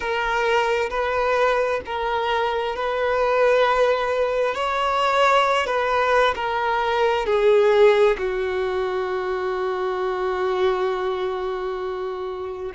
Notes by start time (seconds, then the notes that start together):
0.00 A#4
0.90 B4
1.85 A#4
2.75 B4
4.55 C#5
5.66 B4
6.35 A#4
7.26 G#4
8.17 F#4